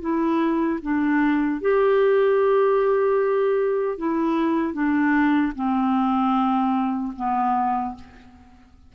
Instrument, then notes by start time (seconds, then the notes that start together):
clarinet
0.00 E4
0.81 D4
1.60 G4
3.97 E4
4.73 D4
5.55 C4
7.16 B3